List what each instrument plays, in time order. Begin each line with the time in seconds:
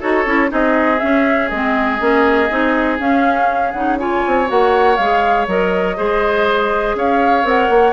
0.00 bassoon D#4, clarinet F#4, oboe A4, flute C#5
0.26 bassoon C#4, clarinet E4
0.48 bassoon C4, clarinet D#4, oboe G#4, flute D#5
0.99 clarinet C#4, bassoon C#4, flute E5
1.49 bassoon G#3, clarinet C4, flute D#5
1.99 bassoon A#3, clarinet C#4
2.50 bassoon C4, clarinet D#4
2.99 clarinet C#4, bassoon C#4, flute F5
3.72 bassoon C#3, clarinet D#4, flute F#5
3.99 clarinet F4, oboe C#5, flute G#5
4.27 bassoon C4
4.46 bassoon A#3, clarinet F#4, flute F#5
4.97 bassoon G#3, clarinet G#4, flute F5
5.47 bassoon F#3, clarinet A#4, flute D#5
5.97 bassoon G#3, clarinet G#4, oboe C5
6.95 bassoon C#4, oboe C#5, flute F5
7.43 bassoon C4, clarinet A#4, flute F#5
7.69 bassoon A#3